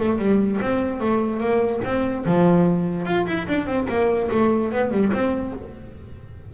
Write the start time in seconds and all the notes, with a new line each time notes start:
0.00 A3
0.19 G3
0.61 C4
1.01 A3
1.40 A#3
1.85 C4
2.26 F3
3.06 F4
3.27 E4
3.49 D4
3.67 C4
3.89 A#3
4.32 A3
4.72 B3
4.92 G3
5.13 C4